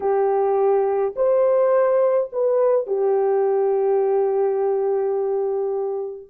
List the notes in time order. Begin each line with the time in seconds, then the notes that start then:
0.00 G4
1.16 C5
2.32 B4
2.86 G4